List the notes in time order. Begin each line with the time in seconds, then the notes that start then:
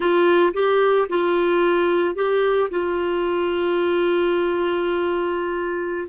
0.00 F4
0.53 G4
1.09 F4
2.15 G4
2.70 F4